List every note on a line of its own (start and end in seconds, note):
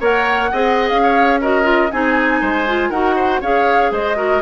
0.00 0.51 A#3
0.00 0.51 A#4
0.00 0.50 C#5
0.00 0.89 F#5
0.51 0.90 C4
0.51 1.41 G#4
0.51 1.02 D#5
0.89 1.91 C#4
0.89 1.39 F5
1.02 1.40 C#5
1.41 1.63 F#4
1.41 1.91 A#4
1.41 1.91 D#5
1.63 1.88 F4
1.91 2.41 C4
1.91 2.67 D#4
1.91 2.41 G#4
1.91 2.90 G#5
2.41 2.89 G#3
2.41 2.89 C5
2.67 2.92 F4
2.89 3.40 D#4
2.89 3.42 F#4
2.89 3.14 A#4
2.89 3.40 F#5
3.16 3.41 C5
3.41 3.91 C#4
3.41 4.15 G#4
3.41 3.91 C#5
3.41 3.93 F5
3.91 4.41 G#3
3.91 4.17 C5
3.91 4.41 D#5
4.15 4.41 F#4
4.15 4.41 A#4